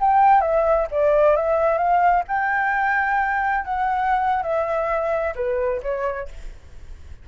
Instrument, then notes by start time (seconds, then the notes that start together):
flute
0.00 G5
0.41 E5
0.91 D5
1.36 E5
1.78 F5
2.28 G5
3.65 F#5
4.43 E5
5.35 B4
5.83 C#5